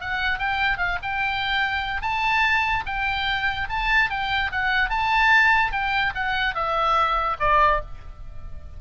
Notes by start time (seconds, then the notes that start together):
0.00 F#5
0.38 G5
0.78 F5
1.02 G5
2.01 A5
2.86 G5
3.69 A5
4.10 G5
4.51 F#5
4.89 A5
5.72 G5
6.15 F#5
6.54 E5
7.39 D5